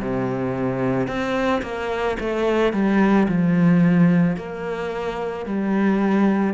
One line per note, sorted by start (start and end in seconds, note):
0.00 1.07 C3
1.07 1.62 C4
1.62 2.17 A#3
2.19 2.73 A3
2.73 3.27 G3
3.28 4.36 F3
4.36 5.45 A#3
5.45 6.54 G3